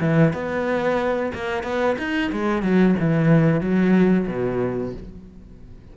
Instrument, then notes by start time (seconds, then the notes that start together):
cello
0.00 E3
0.33 B3
1.34 A#3
1.63 B3
1.98 D#4
2.32 G#3
2.62 F#3
2.99 E3
3.61 F#3
4.27 B2